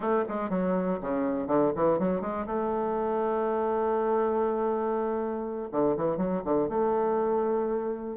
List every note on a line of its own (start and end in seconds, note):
0.00 0.23 A3
0.28 0.49 G#3
0.49 0.99 F#3
1.01 1.47 C#3
1.47 1.72 D3
1.75 1.99 E3
1.99 2.21 F#3
2.21 2.46 G#3
2.46 5.68 A3
5.71 5.96 D3
5.97 6.17 E3
6.17 6.42 F#3
6.44 6.68 D3
6.68 8.17 A3